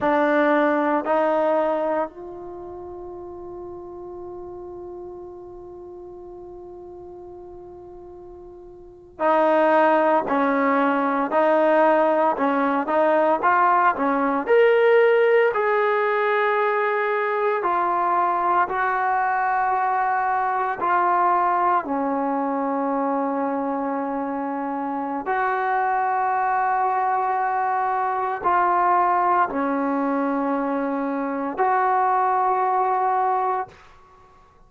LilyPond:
\new Staff \with { instrumentName = "trombone" } { \time 4/4 \tempo 4 = 57 d'4 dis'4 f'2~ | f'1~ | f'8. dis'4 cis'4 dis'4 cis'16~ | cis'16 dis'8 f'8 cis'8 ais'4 gis'4~ gis'16~ |
gis'8. f'4 fis'2 f'16~ | f'8. cis'2.~ cis'16 | fis'2. f'4 | cis'2 fis'2 | }